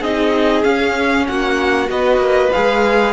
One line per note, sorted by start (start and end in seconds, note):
0.00 0.64 C4
0.00 0.63 D#4
0.00 1.25 G#4
0.00 0.64 D#5
0.63 1.87 C#4
0.63 1.28 C#4
0.63 1.27 F5
1.27 1.89 A#3
1.27 1.90 F#4
1.27 1.90 F#5
1.87 2.18 B3
1.87 2.49 F#4
1.87 3.13 B4
1.87 2.52 D#5
2.18 2.49 A#3
2.52 3.13 G#3
2.52 3.13 G#4
2.52 3.13 F5